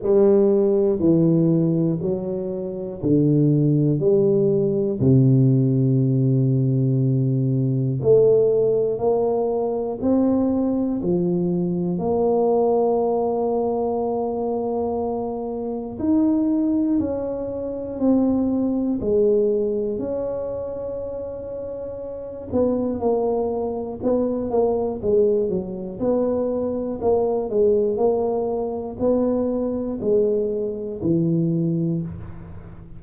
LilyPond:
\new Staff \with { instrumentName = "tuba" } { \time 4/4 \tempo 4 = 60 g4 e4 fis4 d4 | g4 c2. | a4 ais4 c'4 f4 | ais1 |
dis'4 cis'4 c'4 gis4 | cis'2~ cis'8 b8 ais4 | b8 ais8 gis8 fis8 b4 ais8 gis8 | ais4 b4 gis4 e4 | }